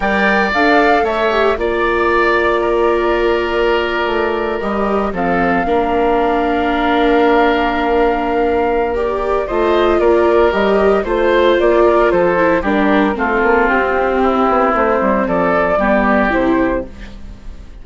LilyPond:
<<
  \new Staff \with { instrumentName = "flute" } { \time 4/4 \tempo 4 = 114 g''4 f''4 e''4 d''4~ | d''1~ | d''8. dis''4 f''2~ f''16~ | f''1~ |
f''4 d''4 dis''4 d''4 | dis''4 c''4 d''4 c''4 | ais'4 a'4 g'2 | c''4 d''2 c''4 | }
  \new Staff \with { instrumentName = "oboe" } { \time 4/4 d''2 cis''4 d''4~ | d''4 ais'2.~ | ais'4.~ ais'16 a'4 ais'4~ ais'16~ | ais'1~ |
ais'2 c''4 ais'4~ | ais'4 c''4. ais'8 a'4 | g'4 f'2 e'4~ | e'4 a'4 g'2 | }
  \new Staff \with { instrumentName = "viola" } { \time 4/4 ais'4 a'4. g'8 f'4~ | f'1~ | f'8. g'4 c'4 d'4~ d'16~ | d'1~ |
d'4 g'4 f'2 | g'4 f'2~ f'8 e'8 | d'4 c'2.~ | c'2 b4 e'4 | }
  \new Staff \with { instrumentName = "bassoon" } { \time 4/4 g4 d'4 a4 ais4~ | ais2.~ ais8. a16~ | a8. g4 f4 ais4~ ais16~ | ais1~ |
ais2 a4 ais4 | g4 a4 ais4 f4 | g4 a8 ais8 c'4. b8 | a8 g8 f4 g4 c4 | }
>>